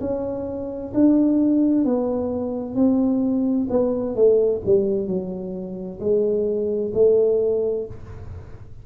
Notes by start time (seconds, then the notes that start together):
0.00 C#4
0.94 D4
1.84 B3
2.75 C4
3.70 B3
4.15 A3
4.65 G3
5.07 F#3
6.00 G#3
6.94 A3